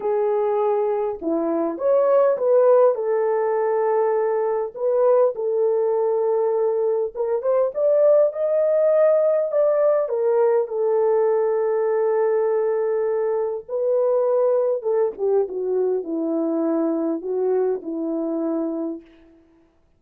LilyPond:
\new Staff \with { instrumentName = "horn" } { \time 4/4 \tempo 4 = 101 gis'2 e'4 cis''4 | b'4 a'2. | b'4 a'2. | ais'8 c''8 d''4 dis''2 |
d''4 ais'4 a'2~ | a'2. b'4~ | b'4 a'8 g'8 fis'4 e'4~ | e'4 fis'4 e'2 | }